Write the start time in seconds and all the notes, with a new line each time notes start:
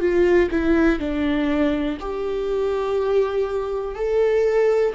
0.00 F4
0.51 E4
0.99 D4
2.00 G4
3.95 A4